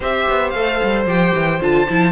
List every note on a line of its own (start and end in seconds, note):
0.00 0.27 C4
0.00 0.54 G4
0.00 2.12 C5
0.00 0.50 E5
0.28 0.53 B3
0.50 0.80 A3
0.50 1.06 A4
0.50 1.03 F5
0.82 1.05 G3
1.05 1.32 F3
1.05 1.60 G4
1.05 1.62 G5
1.34 1.60 E3
1.60 1.87 D3
1.60 1.87 F4
1.60 2.12 A5
1.87 2.12 F3
1.87 2.12 E4